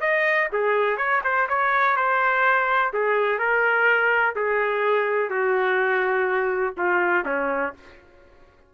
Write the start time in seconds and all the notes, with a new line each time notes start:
0.00 D#5
0.52 G#4
0.97 C#5
1.24 C5
1.49 C#5
1.96 C5
2.93 G#4
3.39 A#4
4.35 G#4
5.30 F#4
6.77 F4
7.25 C#4